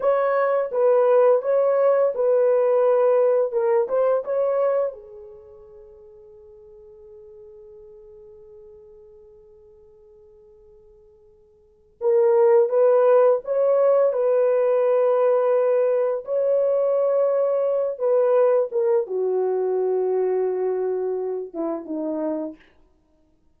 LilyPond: \new Staff \with { instrumentName = "horn" } { \time 4/4 \tempo 4 = 85 cis''4 b'4 cis''4 b'4~ | b'4 ais'8 c''8 cis''4 gis'4~ | gis'1~ | gis'1~ |
gis'4 ais'4 b'4 cis''4 | b'2. cis''4~ | cis''4. b'4 ais'8 fis'4~ | fis'2~ fis'8 e'8 dis'4 | }